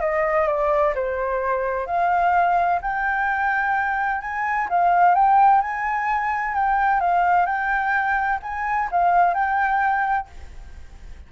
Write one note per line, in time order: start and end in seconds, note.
0.00 0.47 D#5
0.47 0.94 D5
0.95 1.86 C5
1.86 2.80 F5
2.81 4.21 G5
4.21 4.68 G#5
4.69 5.15 F5
5.15 5.61 G5
5.61 6.54 G#5
6.54 7.00 G5
7.00 7.46 F5
7.46 8.39 G5
8.42 8.89 G#5
8.91 9.34 F5
9.34 10.27 G5